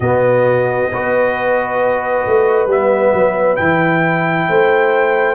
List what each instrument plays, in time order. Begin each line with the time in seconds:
0.00 tuba B2, trombone B3, horn F#4, trumpet D#5
0.91 tuba B3, trombone F#4, horn B4
2.26 tuba A3
2.66 tuba G3, trombone B3, trumpet E5
3.13 tuba F#3
3.56 tuba E3, trombone E4, trumpet G5
4.48 tuba A3, horn C5